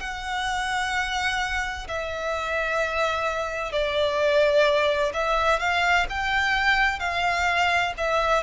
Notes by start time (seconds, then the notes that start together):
0.00 F#5
1.88 E5
3.72 D5
5.13 E5
5.60 F5
6.09 G5
7.00 F5
7.98 E5